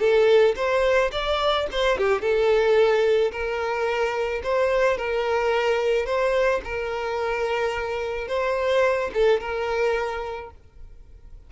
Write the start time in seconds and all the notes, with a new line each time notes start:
0.00 A4
0.56 C5
1.12 D5
1.71 C5
1.98 G4
2.21 A4
3.32 A#4
4.43 C5
4.97 A#4
6.06 C5
6.64 A#4
8.28 C5
9.14 A4
9.41 A#4